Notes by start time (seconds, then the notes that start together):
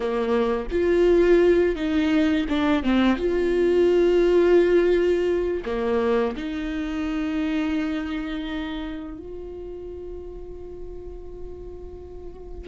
0.00 A#3
0.71 F4
1.75 D#4
2.49 D4
2.83 C4
3.16 F4
5.65 A#3
6.36 D#4
9.18 F4